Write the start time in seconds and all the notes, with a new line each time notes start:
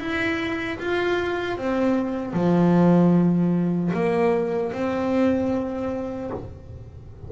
0.00 E4
0.79 F4
1.58 C4
2.34 F3
3.94 A#3
4.73 C4